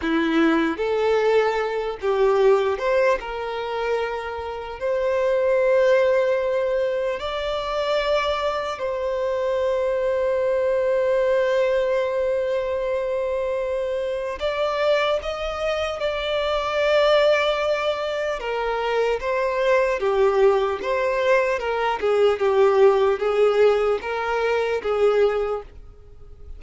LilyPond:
\new Staff \with { instrumentName = "violin" } { \time 4/4 \tempo 4 = 75 e'4 a'4. g'4 c''8 | ais'2 c''2~ | c''4 d''2 c''4~ | c''1~ |
c''2 d''4 dis''4 | d''2. ais'4 | c''4 g'4 c''4 ais'8 gis'8 | g'4 gis'4 ais'4 gis'4 | }